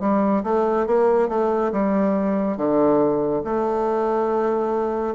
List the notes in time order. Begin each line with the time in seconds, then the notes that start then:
0.00 G3
0.43 A3
0.86 A#3
1.29 A3
1.72 G3
2.57 D3
3.44 A3